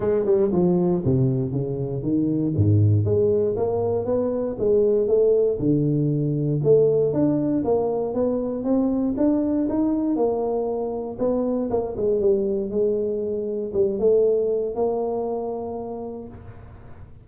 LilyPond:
\new Staff \with { instrumentName = "tuba" } { \time 4/4 \tempo 4 = 118 gis8 g8 f4 c4 cis4 | dis4 gis,4 gis4 ais4 | b4 gis4 a4 d4~ | d4 a4 d'4 ais4 |
b4 c'4 d'4 dis'4 | ais2 b4 ais8 gis8 | g4 gis2 g8 a8~ | a4 ais2. | }